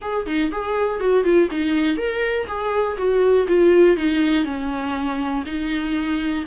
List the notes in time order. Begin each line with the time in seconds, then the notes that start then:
0.01 G#4
0.26 D#4
0.51 G#4
1.00 F#4
1.24 F4
1.50 D#4
1.97 A#4
2.47 G#4
2.97 F#4
3.47 F4
3.97 D#4
4.44 C#4
5.45 D#4